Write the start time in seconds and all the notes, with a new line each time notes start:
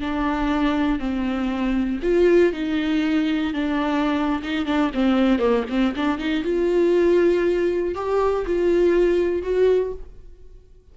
0.00 D4
0.99 C4
2.02 F4
2.53 D#4
3.54 D4
4.43 D#4
4.66 D4
4.94 C4
5.39 A#3
5.69 C4
5.96 D4
6.18 D#4
6.44 F4
7.95 G4
8.46 F4
9.42 F#4